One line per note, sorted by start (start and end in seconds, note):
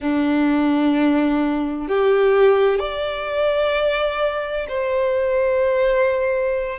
0.00 1.87 D4
1.87 2.79 G4
2.79 4.66 D5
4.68 6.79 C5